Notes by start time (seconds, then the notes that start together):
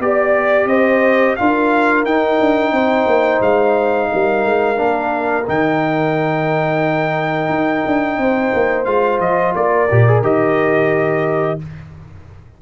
0.00 B3 G4 D5
0.66 C4 C5 D#5
1.36 D4 F4 A#4 F5
2.05 D#4 G5
2.41 D4
2.72 C4 C5
3.07 A#3
3.41 G#3 F5
4.12 G3 A#4
4.45 G#3
4.76 A#3 D4
5.48 D#3 D#4 G5
7.50 D#4
7.87 D4
8.18 C4 C5
8.54 A#3
8.85 G#3 F4 F5
9.20 F3 D#5
9.55 A#3 A#4 D5
9.91 A#2 G4
10.08 G#4
10.22 D#3 G4 D#5